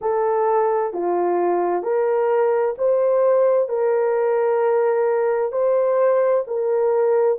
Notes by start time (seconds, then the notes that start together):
0.01 A4
0.93 F4
1.82 A#4
2.77 C5
3.68 A#4
5.51 C5
6.47 A#4